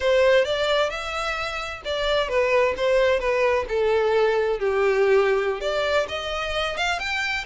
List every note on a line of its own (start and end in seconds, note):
0.00 0.44 C5
0.44 0.90 D5
0.90 1.81 E5
1.84 2.28 D5
2.28 2.74 B4
2.76 3.19 C5
3.19 3.65 B4
3.68 4.59 A4
4.59 5.60 G4
5.60 6.06 D5
6.08 6.77 D#5
6.77 6.99 F5
6.99 7.44 G5